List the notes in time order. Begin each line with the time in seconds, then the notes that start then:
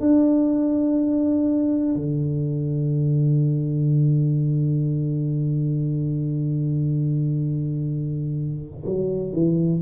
0.00 D4
1.95 D3
8.85 F#3
9.32 E3